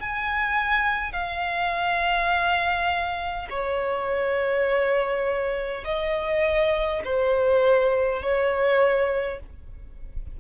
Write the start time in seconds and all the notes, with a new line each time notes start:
0.00 G#5
1.12 F5
3.50 C#5
5.84 D#5
7.04 C5
8.22 C#5